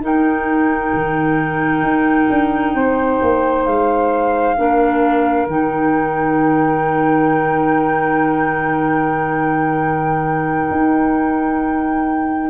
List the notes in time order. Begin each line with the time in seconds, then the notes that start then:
0.00 D#4 A#4 G5
0.93 D#3
1.82 D#4
2.29 D4
2.73 C4 C5
3.21 A#3
3.65 G#3 F5
4.56 A#3 D4 A#4
5.47 D#3 D#4 G5
10.70 D#4